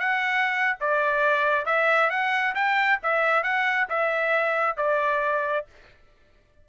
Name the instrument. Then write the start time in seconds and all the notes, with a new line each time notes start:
trumpet
0.00 F#5
0.81 D5
1.66 E5
2.11 F#5
2.55 G5
3.03 E5
3.44 F#5
3.89 E5
4.77 D5